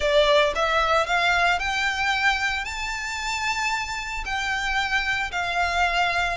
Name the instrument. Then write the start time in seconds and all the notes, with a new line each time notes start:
violin
0.00 D5
0.55 E5
1.06 F5
1.59 G5
2.64 A5
4.25 G5
5.31 F5